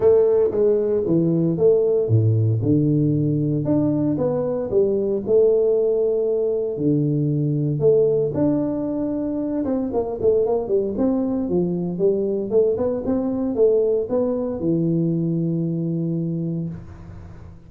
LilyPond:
\new Staff \with { instrumentName = "tuba" } { \time 4/4 \tempo 4 = 115 a4 gis4 e4 a4 | a,4 d2 d'4 | b4 g4 a2~ | a4 d2 a4 |
d'2~ d'8 c'8 ais8 a8 | ais8 g8 c'4 f4 g4 | a8 b8 c'4 a4 b4 | e1 | }